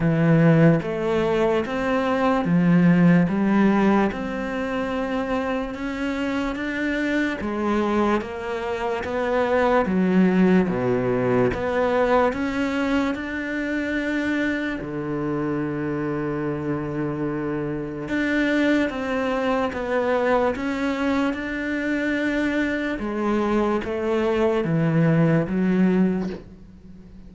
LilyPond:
\new Staff \with { instrumentName = "cello" } { \time 4/4 \tempo 4 = 73 e4 a4 c'4 f4 | g4 c'2 cis'4 | d'4 gis4 ais4 b4 | fis4 b,4 b4 cis'4 |
d'2 d2~ | d2 d'4 c'4 | b4 cis'4 d'2 | gis4 a4 e4 fis4 | }